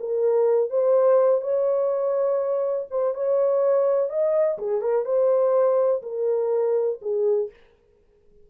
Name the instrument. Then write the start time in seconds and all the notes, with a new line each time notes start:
horn
0.00 A#4
0.70 C5
1.42 C#5
2.91 C5
3.15 C#5
4.10 D#5
4.59 G#4
4.81 A#4
5.06 C5
6.03 A#4
7.02 G#4